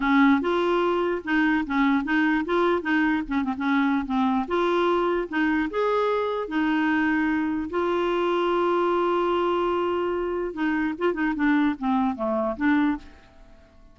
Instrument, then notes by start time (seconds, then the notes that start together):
clarinet
0.00 C#4
0.41 F4
1.24 D#4
1.66 C#4
2.04 D#4
2.45 F4
2.82 D#4
3.27 C#4
3.43 C4
3.57 C#4
4.05 C4
4.47 F4
5.28 D#4
5.70 G#4
6.48 D#4
7.70 F4
10.53 D#4
10.98 F4
11.13 D#4
11.35 D4
11.78 C4
12.15 A3
12.57 D4